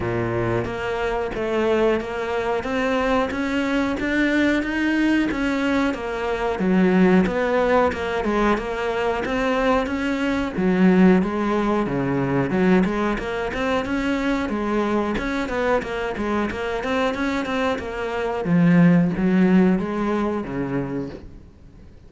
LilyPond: \new Staff \with { instrumentName = "cello" } { \time 4/4 \tempo 4 = 91 ais,4 ais4 a4 ais4 | c'4 cis'4 d'4 dis'4 | cis'4 ais4 fis4 b4 | ais8 gis8 ais4 c'4 cis'4 |
fis4 gis4 cis4 fis8 gis8 | ais8 c'8 cis'4 gis4 cis'8 b8 | ais8 gis8 ais8 c'8 cis'8 c'8 ais4 | f4 fis4 gis4 cis4 | }